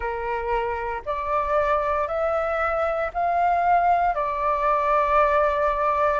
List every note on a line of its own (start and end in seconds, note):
0.00 1.02 A#4
1.05 2.07 D5
2.07 3.10 E5
3.13 4.14 F5
4.14 6.19 D5